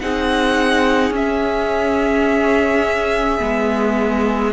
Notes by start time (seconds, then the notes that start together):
0.00 C4 D#4 G#4 F#5
1.11 C#4 E5
3.40 G#3 B3